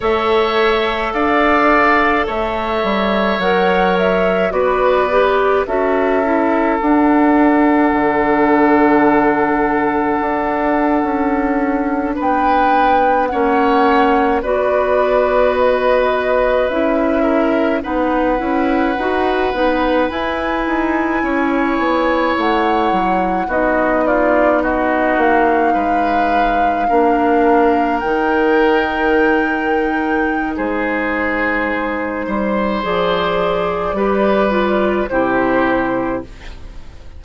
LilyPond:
<<
  \new Staff \with { instrumentName = "flute" } { \time 4/4 \tempo 4 = 53 e''4 f''4 e''4 fis''8 e''8 | d''4 e''4 fis''2~ | fis''2~ fis''8. g''4 fis''16~ | fis''8. d''4 dis''4 e''4 fis''16~ |
fis''4.~ fis''16 gis''2 fis''16~ | fis''8. dis''8 d''8 dis''8 f''4.~ f''16~ | f''8. g''2~ g''16 c''4~ | c''4 d''2 c''4 | }
  \new Staff \with { instrumentName = "oboe" } { \time 4/4 cis''4 d''4 cis''2 | b'4 a'2.~ | a'2~ a'8. b'4 cis''16~ | cis''8. b'2~ b'8 ais'8 b'16~ |
b'2~ b'8. cis''4~ cis''16~ | cis''8. fis'8 f'8 fis'4 b'4 ais'16~ | ais'2. gis'4~ | gis'8 c''4. b'4 g'4 | }
  \new Staff \with { instrumentName = "clarinet" } { \time 4/4 a'2. ais'4 | fis'8 g'8 fis'8 e'8 d'2~ | d'2.~ d'8. cis'16~ | cis'8. fis'2 e'4 dis'16~ |
dis'16 e'8 fis'8 dis'8 e'2~ e'16~ | e'8. dis'2. d'16~ | d'8. dis'2.~ dis'16~ | dis'4 gis'4 g'8 f'8 e'4 | }
  \new Staff \with { instrumentName = "bassoon" } { \time 4/4 a4 d'4 a8 g8 fis4 | b4 cis'4 d'4 d4~ | d4 d'8. cis'4 b4 ais16~ | ais8. b2 cis'4 b16~ |
b16 cis'8 dis'8 b8 e'8 dis'8 cis'8 b8 a16~ | a16 fis8 b4. ais8 gis4 ais16~ | ais8. dis2~ dis16 gis4~ | gis8 g8 f4 g4 c4 | }
>>